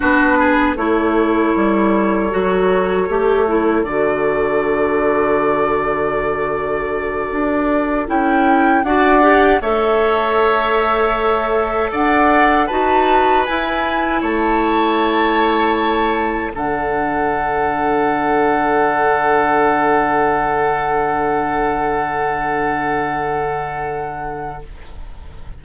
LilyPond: <<
  \new Staff \with { instrumentName = "flute" } { \time 4/4 \tempo 4 = 78 b'4 cis''2.~ | cis''4 d''2.~ | d''2~ d''8 g''4 fis''8~ | fis''8 e''2. fis''8~ |
fis''8 a''4 gis''4 a''4.~ | a''4. fis''2~ fis''8~ | fis''1~ | fis''1 | }
  \new Staff \with { instrumentName = "oboe" } { \time 4/4 fis'8 gis'8 a'2.~ | a'1~ | a'2.~ a'8 d''8~ | d''8 cis''2. d''8~ |
d''8 b'2 cis''4.~ | cis''4. a'2~ a'8~ | a'1~ | a'1 | }
  \new Staff \with { instrumentName = "clarinet" } { \time 4/4 d'4 e'2 fis'4 | g'8 e'8 fis'2.~ | fis'2~ fis'8 e'4 fis'8 | g'8 a'2.~ a'8~ |
a'8 fis'4 e'2~ e'8~ | e'4. d'2~ d'8~ | d'1~ | d'1 | }
  \new Staff \with { instrumentName = "bassoon" } { \time 4/4 b4 a4 g4 fis4 | a4 d2.~ | d4. d'4 cis'4 d'8~ | d'8 a2. d'8~ |
d'8 dis'4 e'4 a4.~ | a4. d2~ d8~ | d1~ | d1 | }
>>